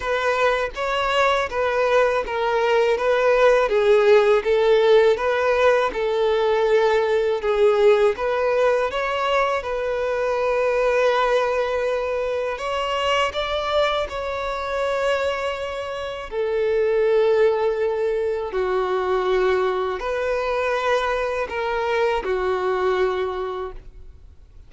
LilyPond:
\new Staff \with { instrumentName = "violin" } { \time 4/4 \tempo 4 = 81 b'4 cis''4 b'4 ais'4 | b'4 gis'4 a'4 b'4 | a'2 gis'4 b'4 | cis''4 b'2.~ |
b'4 cis''4 d''4 cis''4~ | cis''2 a'2~ | a'4 fis'2 b'4~ | b'4 ais'4 fis'2 | }